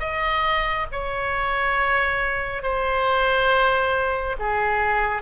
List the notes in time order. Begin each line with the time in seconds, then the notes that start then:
0.00 D#5
0.92 C#5
2.63 C5
4.39 G#4